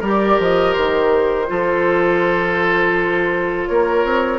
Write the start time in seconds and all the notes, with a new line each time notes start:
0.00 G3 G4 A#4 D5
0.39 F3 D#5
0.73 D#3 C5
1.47 F3 F4 A4
3.66 A#3 A#4 C#5
4.04 C4